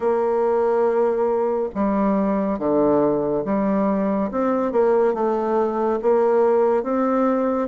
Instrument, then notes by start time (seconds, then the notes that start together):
bassoon
0.00 A#3
1.74 G3
2.58 D3
3.44 G3
4.31 C4
4.71 A#3
5.14 A3
6.02 A#3
6.83 C4